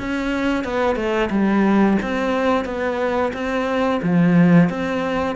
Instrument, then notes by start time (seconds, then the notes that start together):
cello
0.00 C#4
0.65 B3
0.97 A3
1.31 G3
2.03 C4
2.65 B3
3.34 C4
4.03 F3
4.70 C4